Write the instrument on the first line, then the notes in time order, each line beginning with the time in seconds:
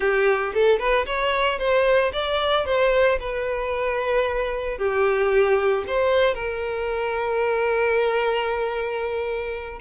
violin
0.00 G4
0.53 A4
0.79 B4
1.05 C#5
1.58 C5
2.12 D5
2.65 C5
3.20 B4
4.78 G4
5.87 C5
6.34 A#4